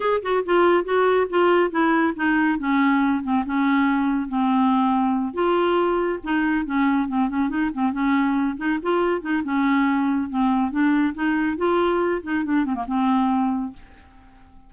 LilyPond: \new Staff \with { instrumentName = "clarinet" } { \time 4/4 \tempo 4 = 140 gis'8 fis'8 f'4 fis'4 f'4 | e'4 dis'4 cis'4. c'8 | cis'2 c'2~ | c'8 f'2 dis'4 cis'8~ |
cis'8 c'8 cis'8 dis'8 c'8 cis'4. | dis'8 f'4 dis'8 cis'2 | c'4 d'4 dis'4 f'4~ | f'8 dis'8 d'8 c'16 ais16 c'2 | }